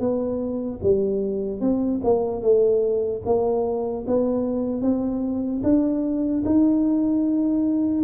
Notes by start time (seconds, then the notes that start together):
0.00 B3
0.83 G3
1.61 C4
2.04 A#3
2.42 A3
3.25 A#3
4.07 B3
4.82 C4
5.64 D4
6.46 D#4